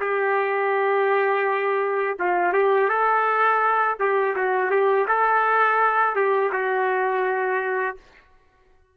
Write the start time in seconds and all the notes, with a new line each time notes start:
0.00 G4
2.19 F4
2.53 G4
2.89 A4
3.99 G4
4.35 F#4
4.71 G4
5.08 A4
6.15 G4
6.52 F#4